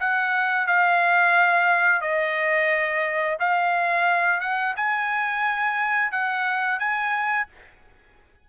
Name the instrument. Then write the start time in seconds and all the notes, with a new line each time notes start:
trumpet
0.00 F#5
0.67 F5
2.01 D#5
3.39 F5
4.40 F#5
4.76 G#5
6.11 F#5
6.79 G#5